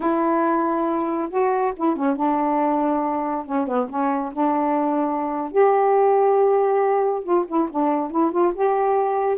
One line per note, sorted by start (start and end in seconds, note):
0.00 1.29 E4
1.29 1.73 F#4
1.76 1.96 E4
1.96 2.16 C#4
2.16 3.45 D4
3.45 3.67 C#4
3.67 3.88 B3
3.89 4.32 C#4
4.32 5.51 D4
5.51 7.23 G4
7.23 7.45 F4
7.47 7.69 E4
7.70 8.11 D4
8.11 8.31 E4
8.31 8.53 F4
8.54 9.37 G4